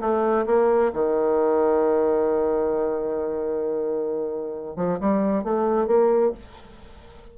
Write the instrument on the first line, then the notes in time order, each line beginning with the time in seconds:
bassoon
0.00 A3
0.46 A#3
0.93 D#3
4.76 F3
5.00 G3
5.43 A3
5.87 A#3